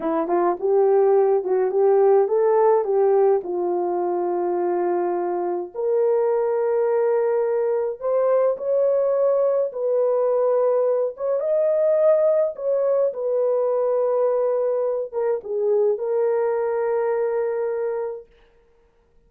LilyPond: \new Staff \with { instrumentName = "horn" } { \time 4/4 \tempo 4 = 105 e'8 f'8 g'4. fis'8 g'4 | a'4 g'4 f'2~ | f'2 ais'2~ | ais'2 c''4 cis''4~ |
cis''4 b'2~ b'8 cis''8 | dis''2 cis''4 b'4~ | b'2~ b'8 ais'8 gis'4 | ais'1 | }